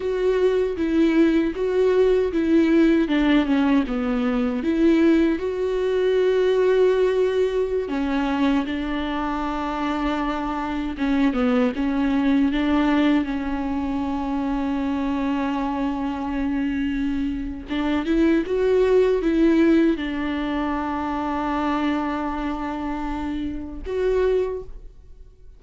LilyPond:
\new Staff \with { instrumentName = "viola" } { \time 4/4 \tempo 4 = 78 fis'4 e'4 fis'4 e'4 | d'8 cis'8 b4 e'4 fis'4~ | fis'2~ fis'16 cis'4 d'8.~ | d'2~ d'16 cis'8 b8 cis'8.~ |
cis'16 d'4 cis'2~ cis'8.~ | cis'2. d'8 e'8 | fis'4 e'4 d'2~ | d'2. fis'4 | }